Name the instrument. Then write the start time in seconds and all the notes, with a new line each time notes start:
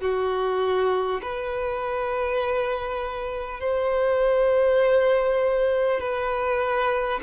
violin
0.00 F#4
1.22 B4
3.60 C5
5.99 B4